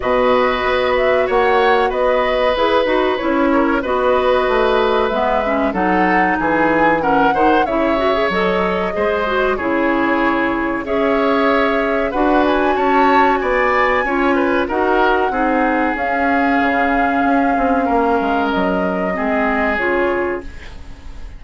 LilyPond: <<
  \new Staff \with { instrumentName = "flute" } { \time 4/4 \tempo 4 = 94 dis''4. e''8 fis''4 dis''4 | b'4 cis''4 dis''2 | e''4 fis''4 gis''4 fis''4 | e''4 dis''2 cis''4~ |
cis''4 e''2 fis''8 gis''8 | a''4 gis''2 fis''4~ | fis''4 f''2.~ | f''4 dis''2 cis''4 | }
  \new Staff \with { instrumentName = "oboe" } { \time 4/4 b'2 cis''4 b'4~ | b'4. ais'8 b'2~ | b'4 a'4 gis'4 ais'8 c''8 | cis''2 c''4 gis'4~ |
gis'4 cis''2 b'4 | cis''4 d''4 cis''8 b'8 ais'4 | gis'1 | ais'2 gis'2 | }
  \new Staff \with { instrumentName = "clarinet" } { \time 4/4 fis'1 | gis'8 fis'8 e'4 fis'2 | b8 cis'8 dis'2 cis'8 dis'8 | e'8 fis'16 gis'16 a'4 gis'8 fis'8 e'4~ |
e'4 gis'2 fis'4~ | fis'2 f'4 fis'4 | dis'4 cis'2.~ | cis'2 c'4 f'4 | }
  \new Staff \with { instrumentName = "bassoon" } { \time 4/4 b,4 b4 ais4 b4 | e'8 dis'8 cis'4 b4 a4 | gis4 fis4 e4. dis8 | cis4 fis4 gis4 cis4~ |
cis4 cis'2 d'4 | cis'4 b4 cis'4 dis'4 | c'4 cis'4 cis4 cis'8 c'8 | ais8 gis8 fis4 gis4 cis4 | }
>>